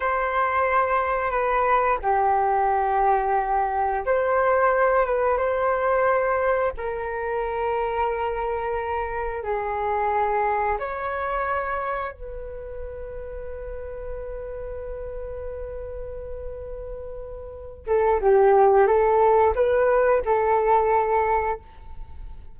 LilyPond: \new Staff \with { instrumentName = "flute" } { \time 4/4 \tempo 4 = 89 c''2 b'4 g'4~ | g'2 c''4. b'8 | c''2 ais'2~ | ais'2 gis'2 |
cis''2 b'2~ | b'1~ | b'2~ b'8 a'8 g'4 | a'4 b'4 a'2 | }